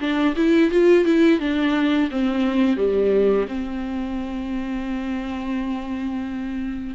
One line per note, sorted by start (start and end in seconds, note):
0.00 0.35 D4
0.36 0.71 E4
0.71 1.05 F4
1.05 1.40 E4
1.40 2.10 D4
2.11 2.77 C4
2.77 3.46 G3
3.48 6.95 C4